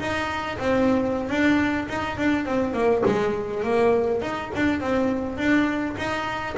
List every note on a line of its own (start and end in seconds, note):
0.00 0.58 D#4
0.59 1.30 C4
1.30 1.88 D4
1.89 2.18 D#4
2.18 2.46 D4
2.46 2.74 C4
2.74 3.03 A#3
3.06 3.64 G#3
3.64 4.22 A#3
4.22 4.51 D#4
4.56 4.81 D4
4.81 5.38 C4
5.38 5.96 D4
5.98 6.56 D#4